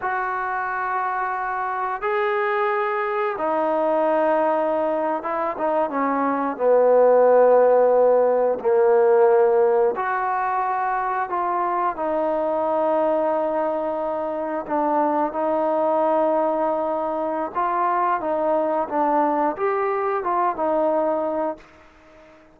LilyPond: \new Staff \with { instrumentName = "trombone" } { \time 4/4 \tempo 4 = 89 fis'2. gis'4~ | gis'4 dis'2~ dis'8. e'16~ | e'16 dis'8 cis'4 b2~ b16~ | b8. ais2 fis'4~ fis'16~ |
fis'8. f'4 dis'2~ dis'16~ | dis'4.~ dis'16 d'4 dis'4~ dis'16~ | dis'2 f'4 dis'4 | d'4 g'4 f'8 dis'4. | }